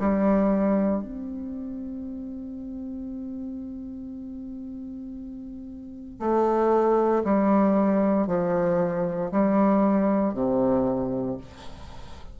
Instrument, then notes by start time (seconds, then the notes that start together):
bassoon
0.00 G3
1.03 C4
6.20 A3
7.24 G3
8.28 F3
9.32 G3
10.34 C3